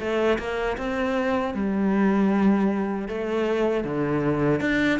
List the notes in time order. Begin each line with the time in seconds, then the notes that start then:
0.00 A3
0.38 A#3
0.78 C4
1.55 G3
3.08 A3
3.85 D3
4.61 D4